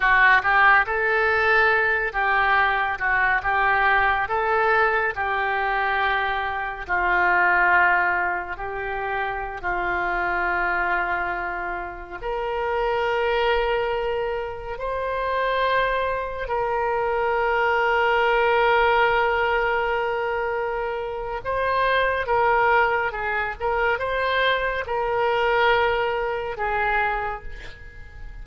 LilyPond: \new Staff \with { instrumentName = "oboe" } { \time 4/4 \tempo 4 = 70 fis'8 g'8 a'4. g'4 fis'8 | g'4 a'4 g'2 | f'2 g'4~ g'16 f'8.~ | f'2~ f'16 ais'4.~ ais'16~ |
ais'4~ ais'16 c''2 ais'8.~ | ais'1~ | ais'4 c''4 ais'4 gis'8 ais'8 | c''4 ais'2 gis'4 | }